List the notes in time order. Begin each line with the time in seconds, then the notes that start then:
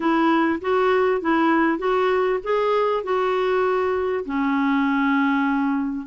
0.00 E4
0.61 F#4
1.21 E4
1.78 F#4
2.43 G#4
3.03 F#4
4.25 C#4